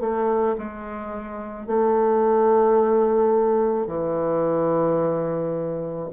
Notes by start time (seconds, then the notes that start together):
0.00 A3
0.58 G#3
1.67 A3
3.87 E3